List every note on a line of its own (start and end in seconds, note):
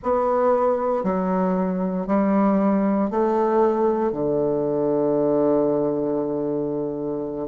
0.02 1.03 B3
1.03 2.06 F#3
2.06 3.10 G3
3.10 4.11 A3
4.11 7.48 D3